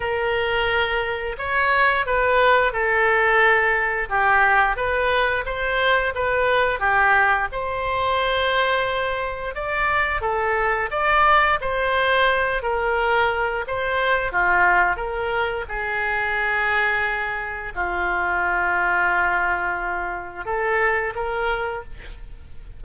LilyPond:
\new Staff \with { instrumentName = "oboe" } { \time 4/4 \tempo 4 = 88 ais'2 cis''4 b'4 | a'2 g'4 b'4 | c''4 b'4 g'4 c''4~ | c''2 d''4 a'4 |
d''4 c''4. ais'4. | c''4 f'4 ais'4 gis'4~ | gis'2 f'2~ | f'2 a'4 ais'4 | }